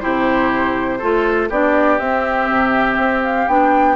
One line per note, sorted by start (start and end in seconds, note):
0.00 1.02 C3
0.00 1.00 E4
0.00 0.99 G4
0.00 1.49 C5
0.99 1.50 A3
0.99 1.51 F4
0.99 1.48 A4
1.49 1.99 B3
1.49 2.00 D4
1.49 3.96 G4
1.49 1.99 D5
1.99 2.49 C4
1.99 3.48 C4
1.99 3.23 E5
2.49 2.97 C3
2.97 3.46 C4
3.23 3.48 F5
3.48 3.96 B3
3.48 3.96 D4
3.48 3.96 G5